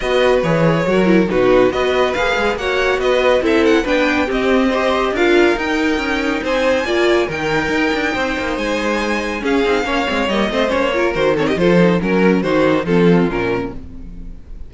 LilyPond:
<<
  \new Staff \with { instrumentName = "violin" } { \time 4/4 \tempo 4 = 140 dis''4 cis''2 b'4 | dis''4 f''4 fis''4 dis''4 | e''8 fis''8 g''4 dis''2 | f''4 g''2 gis''4~ |
gis''4 g''2. | gis''2 f''2 | dis''4 cis''4 c''8 cis''16 dis''16 c''4 | ais'4 c''4 a'4 ais'4 | }
  \new Staff \with { instrumentName = "violin" } { \time 4/4 b'2 ais'4 fis'4 | b'2 cis''4 b'4 | a'4 b'4 g'4 c''4 | ais'2. c''4 |
d''4 ais'2 c''4~ | c''2 gis'4 cis''4~ | cis''8 c''4 ais'4 a'16 g'16 a'4 | ais'4 fis'4 f'2 | }
  \new Staff \with { instrumentName = "viola" } { \time 4/4 fis'4 gis'4 fis'8 e'8 dis'4 | fis'4 gis'4 fis'2 | e'4 d'4 c'4 g'4 | f'4 dis'2. |
f'4 dis'2.~ | dis'2 cis'8 dis'8 cis'8 c'8 | ais8 c'8 cis'8 f'8 fis'8 c'8 f'8 dis'8 | cis'4 dis'4 c'4 cis'4 | }
  \new Staff \with { instrumentName = "cello" } { \time 4/4 b4 e4 fis4 b,4 | b4 ais8 gis8 ais4 b4 | c'4 b4 c'2 | d'4 dis'4 cis'4 c'4 |
ais4 dis4 dis'8 d'8 c'8 ais8 | gis2 cis'8 c'8 ais8 gis8 | g8 a8 ais4 dis4 f4 | fis4 dis4 f4 ais,4 | }
>>